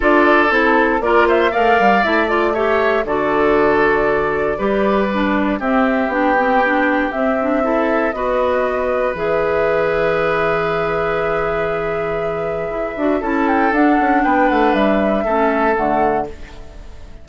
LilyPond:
<<
  \new Staff \with { instrumentName = "flute" } { \time 4/4 \tempo 4 = 118 d''4 a'4 d''8 e''8 f''4 | e''8 d''8 e''4 d''2~ | d''2. e''4 | g''2 e''2 |
dis''2 e''2~ | e''1~ | e''2 a''8 g''8 fis''4 | g''8 fis''8 e''2 fis''4 | }
  \new Staff \with { instrumentName = "oboe" } { \time 4/4 a'2 ais'8 c''8 d''4~ | d''4 cis''4 a'2~ | a'4 b'2 g'4~ | g'2. a'4 |
b'1~ | b'1~ | b'2 a'2 | b'2 a'2 | }
  \new Staff \with { instrumentName = "clarinet" } { \time 4/4 f'4 e'4 f'4 ais'4 | e'8 f'8 g'4 fis'2~ | fis'4 g'4 d'4 c'4 | d'8 c'8 d'4 c'8 d'8 e'4 |
fis'2 gis'2~ | gis'1~ | gis'4. fis'8 e'4 d'4~ | d'2 cis'4 a4 | }
  \new Staff \with { instrumentName = "bassoon" } { \time 4/4 d'4 c'4 ais4 a8 g8 | a2 d2~ | d4 g2 c'4 | b2 c'2 |
b2 e2~ | e1~ | e4 e'8 d'8 cis'4 d'8 cis'8 | b8 a8 g4 a4 d4 | }
>>